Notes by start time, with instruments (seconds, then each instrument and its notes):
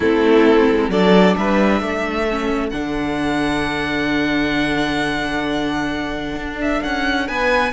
0.00 cello A3, viola C4, violin E4 A4
0.70 cello G#3
0.89 cello F#3, viola D4, violin A4 D5
1.36 cello G3, violin B4 E5
1.81 cello A3, violin A4
2.29 viola C#4
2.69 cello D3, viola D4, violin F#5
6.35 cello D4
6.61 violin E5
6.82 cello C#4, violin F#5
7.27 cello B3, violin B4 G#5